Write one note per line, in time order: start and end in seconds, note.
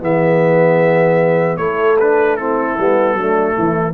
0.00 1.57 E3
0.00 1.58 B3
0.00 1.60 G#4
0.00 1.57 E5
1.57 2.76 A3
1.57 1.97 E4
1.57 2.37 A4
1.57 1.96 C#5
2.00 2.38 D4
2.00 2.36 B4
2.36 2.78 C4
2.36 3.16 E4
2.36 3.94 A4
2.78 3.14 G3
2.78 3.18 B3
3.14 3.53 F#3
3.14 3.94 A3
3.14 3.53 D4
3.53 3.94 E3
3.53 3.93 E4